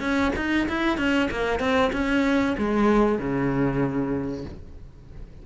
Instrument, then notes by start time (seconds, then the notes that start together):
cello
0.00 C#4
0.36 D#4
0.68 E4
0.97 C#4
1.31 A#3
1.59 C4
1.93 C#4
2.58 G#3
3.18 C#3